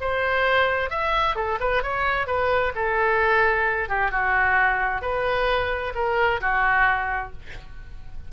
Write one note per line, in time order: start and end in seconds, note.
0.00 0.90 C5
0.90 1.36 E5
1.36 1.58 A4
1.60 1.82 B4
1.82 2.27 C#5
2.27 2.73 B4
2.75 3.88 A4
3.88 4.11 G4
4.11 5.01 F#4
5.01 5.93 B4
5.94 6.40 A#4
6.41 7.32 F#4